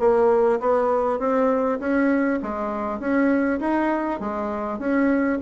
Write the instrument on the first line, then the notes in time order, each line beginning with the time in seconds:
bassoon
0.00 A#3
0.61 B3
1.19 C4
1.80 C#4
2.43 G#3
3.00 C#4
3.61 D#4
4.20 G#3
4.79 C#4